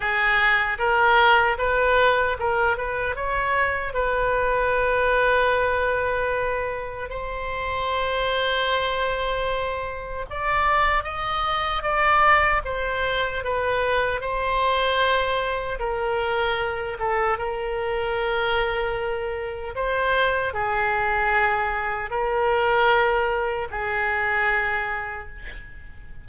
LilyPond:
\new Staff \with { instrumentName = "oboe" } { \time 4/4 \tempo 4 = 76 gis'4 ais'4 b'4 ais'8 b'8 | cis''4 b'2.~ | b'4 c''2.~ | c''4 d''4 dis''4 d''4 |
c''4 b'4 c''2 | ais'4. a'8 ais'2~ | ais'4 c''4 gis'2 | ais'2 gis'2 | }